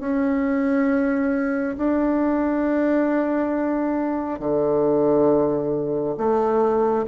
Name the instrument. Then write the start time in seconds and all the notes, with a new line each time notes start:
bassoon
0.00 C#4
1.77 D4
4.39 D3
6.18 A3